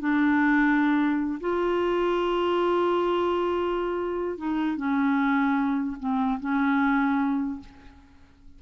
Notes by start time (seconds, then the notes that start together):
0.00 D4
1.41 F4
4.38 D#4
4.77 C#4
6.00 C4
6.40 C#4